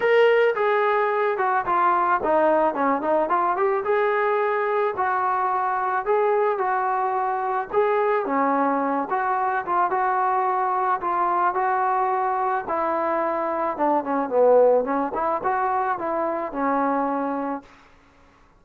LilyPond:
\new Staff \with { instrumentName = "trombone" } { \time 4/4 \tempo 4 = 109 ais'4 gis'4. fis'8 f'4 | dis'4 cis'8 dis'8 f'8 g'8 gis'4~ | gis'4 fis'2 gis'4 | fis'2 gis'4 cis'4~ |
cis'8 fis'4 f'8 fis'2 | f'4 fis'2 e'4~ | e'4 d'8 cis'8 b4 cis'8 e'8 | fis'4 e'4 cis'2 | }